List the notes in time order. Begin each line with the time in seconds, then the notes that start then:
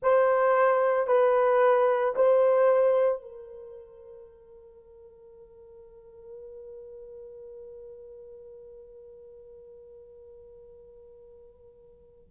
0.02 C5
1.07 B4
2.15 C5
3.21 A#4